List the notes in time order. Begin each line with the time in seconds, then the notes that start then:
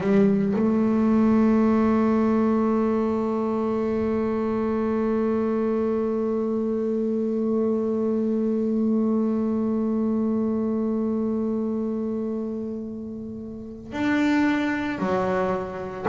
0.00 G3
0.56 A3
13.92 D4
14.99 F#3